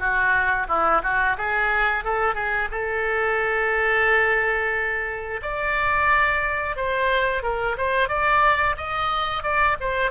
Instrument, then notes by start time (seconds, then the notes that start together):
oboe
0.00 F#4
0.69 E4
1.03 F#4
1.38 G#4
2.05 A4
2.35 G#4
2.71 A4
5.43 D5
6.77 C5
7.43 A#4
7.78 C5
8.09 D5
8.78 D#5
9.43 D5
9.81 C5